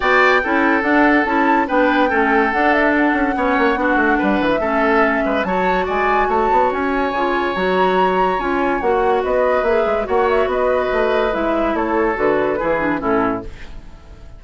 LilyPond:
<<
  \new Staff \with { instrumentName = "flute" } { \time 4/4 \tempo 4 = 143 g''2 fis''4 a''4 | g''2 fis''8 e''8 fis''4~ | fis''2~ fis''8. e''4~ e''16~ | e''4 a''4 gis''4 a''4 |
gis''2 ais''2 | gis''4 fis''4 dis''4 e''4 | fis''8 e''8 dis''2 e''4 | cis''4 b'2 a'4 | }
  \new Staff \with { instrumentName = "oboe" } { \time 4/4 d''4 a'2. | b'4 a'2. | cis''4 fis'4 b'4 a'4~ | a'8 b'8 cis''4 d''4 cis''4~ |
cis''1~ | cis''2 b'2 | cis''4 b'2. | a'2 gis'4 e'4 | }
  \new Staff \with { instrumentName = "clarinet" } { \time 4/4 fis'4 e'4 d'4 e'4 | d'4 cis'4 d'2 | cis'4 d'2 cis'4~ | cis'4 fis'2.~ |
fis'4 f'4 fis'2 | f'4 fis'2 gis'4 | fis'2. e'4~ | e'4 fis'4 e'8 d'8 cis'4 | }
  \new Staff \with { instrumentName = "bassoon" } { \time 4/4 b4 cis'4 d'4 cis'4 | b4 a4 d'4. cis'8 | b8 ais8 b8 a8 g8 e8 a4~ | a8 gis8 fis4 gis4 a8 b8 |
cis'4 cis4 fis2 | cis'4 ais4 b4 ais8 gis8 | ais4 b4 a4 gis4 | a4 d4 e4 a,4 | }
>>